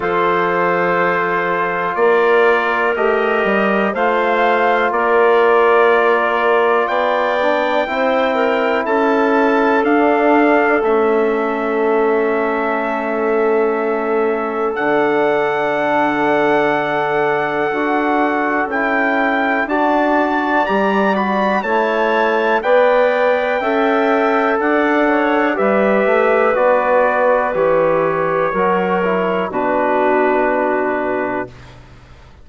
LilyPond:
<<
  \new Staff \with { instrumentName = "trumpet" } { \time 4/4 \tempo 4 = 61 c''2 d''4 dis''4 | f''4 d''2 g''4~ | g''4 a''4 f''4 e''4~ | e''2. fis''4~ |
fis''2. g''4 | a''4 ais''8 b''8 a''4 g''4~ | g''4 fis''4 e''4 d''4 | cis''2 b'2 | }
  \new Staff \with { instrumentName = "clarinet" } { \time 4/4 a'2 ais'2 | c''4 ais'2 d''4 | c''8 ais'8 a'2.~ | a'1~ |
a'1 | d''2 cis''4 d''4 | e''4 d''8 cis''8 b'2~ | b'4 ais'4 fis'2 | }
  \new Staff \with { instrumentName = "trombone" } { \time 4/4 f'2. g'4 | f'2.~ f'8 d'8 | e'2 d'4 cis'4~ | cis'2. d'4~ |
d'2 fis'4 e'4 | fis'4 g'8 fis'8 e'4 b'4 | a'2 g'4 fis'4 | g'4 fis'8 e'8 d'2 | }
  \new Staff \with { instrumentName = "bassoon" } { \time 4/4 f2 ais4 a8 g8 | a4 ais2 b4 | c'4 cis'4 d'4 a4~ | a2. d4~ |
d2 d'4 cis'4 | d'4 g4 a4 b4 | cis'4 d'4 g8 a8 b4 | e4 fis4 b,2 | }
>>